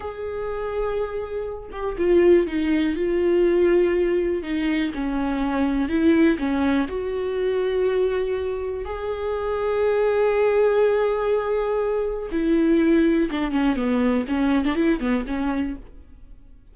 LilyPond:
\new Staff \with { instrumentName = "viola" } { \time 4/4 \tempo 4 = 122 gis'2.~ gis'8 g'8 | f'4 dis'4 f'2~ | f'4 dis'4 cis'2 | e'4 cis'4 fis'2~ |
fis'2 gis'2~ | gis'1~ | gis'4 e'2 d'8 cis'8 | b4 cis'8. d'16 e'8 b8 cis'4 | }